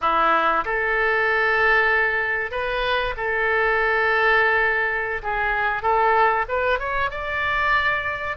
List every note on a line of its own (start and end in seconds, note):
0.01 0.64 E4
0.64 2.51 A4
2.51 3.14 B4
3.16 5.22 A4
5.22 5.82 G#4
5.82 6.45 A4
6.48 6.79 B4
6.79 7.10 C#5
7.10 8.36 D5